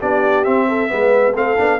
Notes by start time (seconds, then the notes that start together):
0.00 B3 D4 G4 D5
0.44 C4 E5
0.68 A4
0.88 G#3 B3 B4
1.33 A3 C4 A4 F5
1.58 B3 D4